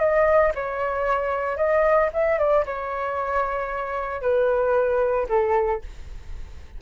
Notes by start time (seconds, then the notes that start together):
0.00 D#5
0.55 C#5
1.57 D#5
2.13 E5
2.39 D5
2.66 C#5
4.22 B4
5.29 A4